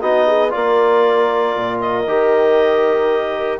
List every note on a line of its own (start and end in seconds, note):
0.00 0.52 B3
0.00 0.50 D#4
0.00 0.26 F#4
0.00 0.51 D#5
0.26 0.52 G#4
0.50 1.54 A#3
0.50 2.04 F4
0.50 3.59 A#4
0.50 1.79 D5
1.54 2.06 A#2
1.80 3.59 D#5
2.06 3.59 D#3
2.06 3.59 G4